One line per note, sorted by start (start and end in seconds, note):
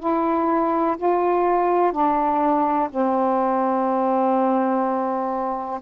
0.00 0.97 E4
0.98 1.92 F4
1.92 2.89 D4
2.91 5.81 C4